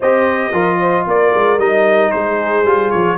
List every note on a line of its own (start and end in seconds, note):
0.00 0.52 C4
0.00 0.53 G4
0.00 0.51 C5
0.00 1.07 D#5
0.52 1.05 F3
0.52 1.59 F4
0.52 0.79 A#4
0.79 1.06 C5
1.06 1.33 A#3
1.06 2.12 A#4
1.06 1.59 D5
1.34 1.58 G#3
1.58 2.11 G3
1.58 2.65 D#4
1.58 2.11 D#5
2.11 2.63 G#3
2.11 3.17 G#4
2.11 2.90 C5
2.63 2.90 G3
2.63 3.17 F4
2.90 3.17 F3
2.90 3.17 C#5